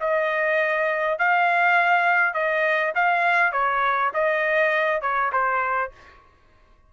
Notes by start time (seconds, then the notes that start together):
0.00 D#5
1.18 F5
2.34 D#5
2.95 F5
3.52 C#5
4.14 D#5
5.01 C#5
5.32 C5